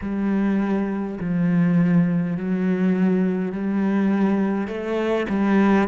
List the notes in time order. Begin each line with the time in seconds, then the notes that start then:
0.01 G3
1.20 F3
2.36 F#3
3.51 G3
4.67 A3
5.29 G3